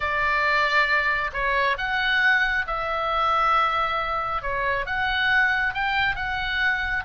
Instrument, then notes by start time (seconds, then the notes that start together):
oboe
0.00 D5
1.33 C#5
1.77 F#5
2.67 E5
4.42 C#5
4.86 F#5
5.74 G5
6.15 F#5